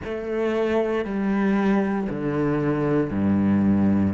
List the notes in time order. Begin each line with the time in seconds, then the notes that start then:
0.04 A3
1.04 G3
2.09 D3
3.10 G2